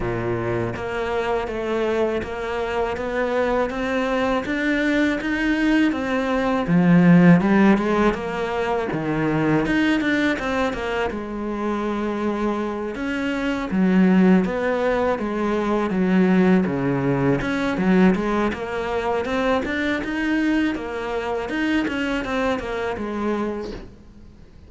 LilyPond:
\new Staff \with { instrumentName = "cello" } { \time 4/4 \tempo 4 = 81 ais,4 ais4 a4 ais4 | b4 c'4 d'4 dis'4 | c'4 f4 g8 gis8 ais4 | dis4 dis'8 d'8 c'8 ais8 gis4~ |
gis4. cis'4 fis4 b8~ | b8 gis4 fis4 cis4 cis'8 | fis8 gis8 ais4 c'8 d'8 dis'4 | ais4 dis'8 cis'8 c'8 ais8 gis4 | }